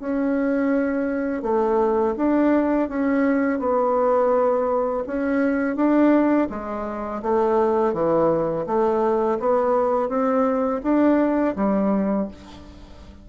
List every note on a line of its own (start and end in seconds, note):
0.00 1.43 C#4
1.43 2.15 A3
2.17 2.89 D4
2.89 3.59 C#4
3.59 5.04 B3
5.07 5.76 C#4
5.76 6.48 D4
6.50 7.22 G#3
7.23 7.94 A3
7.94 8.66 E3
8.66 9.39 A3
9.40 10.09 B3
10.09 10.81 C4
10.83 11.56 D4
11.56 12.28 G3